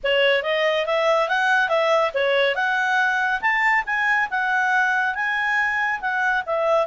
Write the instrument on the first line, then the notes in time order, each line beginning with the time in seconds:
clarinet
0.03 C#5
0.43 D#5
0.86 E5
1.29 F#5
1.68 E5
2.14 C#5
2.55 F#5
3.41 A5
3.86 G#5
4.30 F#5
5.14 G#5
6.00 F#5
6.45 E5